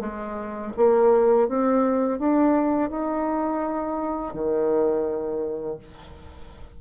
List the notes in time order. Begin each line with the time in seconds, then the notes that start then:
0.00 G#3
0.77 A#3
1.48 C4
2.19 D4
2.90 D#4
4.33 D#3